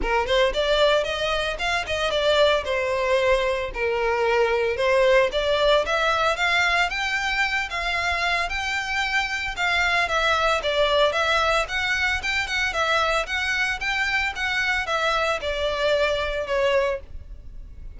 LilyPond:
\new Staff \with { instrumentName = "violin" } { \time 4/4 \tempo 4 = 113 ais'8 c''8 d''4 dis''4 f''8 dis''8 | d''4 c''2 ais'4~ | ais'4 c''4 d''4 e''4 | f''4 g''4. f''4. |
g''2 f''4 e''4 | d''4 e''4 fis''4 g''8 fis''8 | e''4 fis''4 g''4 fis''4 | e''4 d''2 cis''4 | }